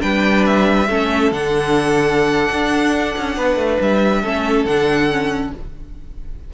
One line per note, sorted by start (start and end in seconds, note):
0.00 0.89 G3
0.00 0.86 D4
0.00 0.89 B4
0.00 0.45 G5
0.46 1.32 E5
0.89 1.32 A3
0.89 1.33 C#4
0.89 3.37 A4
1.32 2.50 D3
1.32 4.24 D4
1.32 3.81 F#5
2.51 3.15 D4
3.18 3.37 C#4
3.37 3.56 B3
3.37 4.22 B4
3.56 3.78 A3
3.81 4.24 G3
3.81 4.66 E5
4.22 4.65 A3
4.22 4.67 C#4
4.22 5.51 A4
4.65 5.52 D3
4.65 5.11 D4
4.65 5.52 F#5
5.11 5.54 C#4